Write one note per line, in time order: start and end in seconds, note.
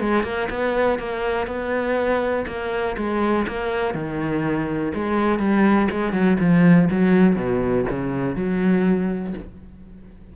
0.00 0.23 G#3
0.23 0.48 A#3
0.50 0.99 B3
0.99 1.47 A#3
1.47 2.45 B3
2.47 2.96 A#3
2.97 3.46 G#3
3.47 3.94 A#3
3.94 4.92 D#3
4.94 5.39 G#3
5.39 5.88 G3
5.90 6.13 G#3
6.13 6.37 F#3
6.40 6.89 F3
6.90 7.35 F#3
7.35 7.85 B2
7.90 8.35 C#3
8.35 9.34 F#3